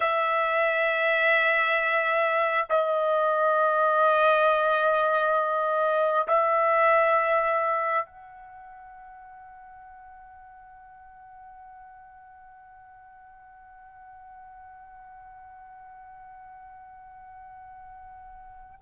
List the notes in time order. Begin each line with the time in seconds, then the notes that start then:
0.00 E5
2.69 D#5
6.27 E5
8.05 F#5